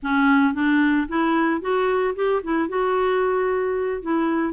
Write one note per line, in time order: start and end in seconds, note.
0.02 0.54 C#4
0.54 1.07 D4
1.08 1.61 E4
1.61 2.14 F#4
2.15 2.41 G4
2.43 2.69 E4
2.69 4.02 F#4
4.02 4.53 E4